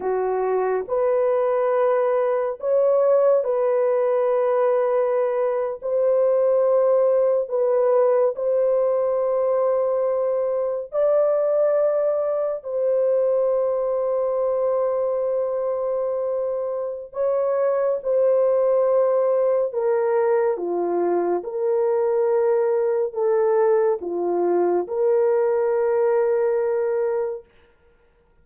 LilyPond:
\new Staff \with { instrumentName = "horn" } { \time 4/4 \tempo 4 = 70 fis'4 b'2 cis''4 | b'2~ b'8. c''4~ c''16~ | c''8. b'4 c''2~ c''16~ | c''8. d''2 c''4~ c''16~ |
c''1 | cis''4 c''2 ais'4 | f'4 ais'2 a'4 | f'4 ais'2. | }